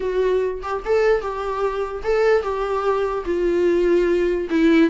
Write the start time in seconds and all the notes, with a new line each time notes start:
0.00 F#4
0.62 G4
0.85 A4
1.21 G4
2.03 A4
2.42 G4
3.25 F4
4.50 E4